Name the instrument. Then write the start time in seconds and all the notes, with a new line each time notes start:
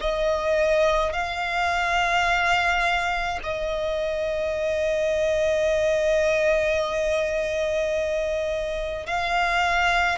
violin
0.00 D#5
1.12 F5
3.43 D#5
9.06 F5